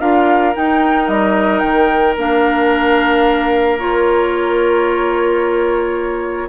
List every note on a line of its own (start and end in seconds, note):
0.00 0.55 D4
0.00 0.54 F4
0.00 6.49 A#4
0.00 0.55 F5
0.55 2.17 D#4
0.55 1.08 D#4
0.55 1.08 G5
1.08 1.62 G3
1.08 1.60 D#5
1.60 2.17 D#3
1.60 2.14 G5
2.17 6.49 A#3
2.17 3.79 D4
2.17 3.79 F5
3.79 6.49 F4
3.79 6.49 C#5